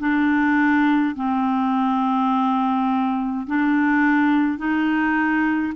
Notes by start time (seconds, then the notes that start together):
0.00 D4
1.16 C4
3.47 D4
4.58 D#4